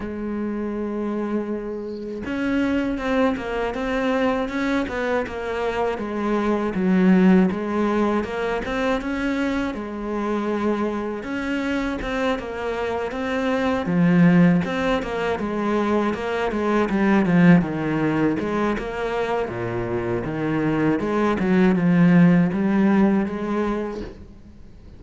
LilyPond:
\new Staff \with { instrumentName = "cello" } { \time 4/4 \tempo 4 = 80 gis2. cis'4 | c'8 ais8 c'4 cis'8 b8 ais4 | gis4 fis4 gis4 ais8 c'8 | cis'4 gis2 cis'4 |
c'8 ais4 c'4 f4 c'8 | ais8 gis4 ais8 gis8 g8 f8 dis8~ | dis8 gis8 ais4 ais,4 dis4 | gis8 fis8 f4 g4 gis4 | }